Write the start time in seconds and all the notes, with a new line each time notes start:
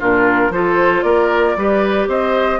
0.00 A#2 D4 F4 A#4
0.50 F3 F4 A4 C5
1.03 A#3 A#4 D5
1.57 G3 G4 B4
2.08 C4 C5 D#5